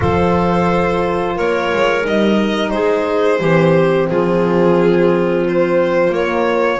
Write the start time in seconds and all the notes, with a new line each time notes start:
0.00 F3 F4 A4 C5
1.35 A#3 A#4 C#5
1.73 G#3
2.03 G3 D#4 D#5
2.70 G#3 G#4 C5
3.40 E3 C4 G4
4.09 F3 F4 G#4
5.48 C5
6.09 A#3 C#5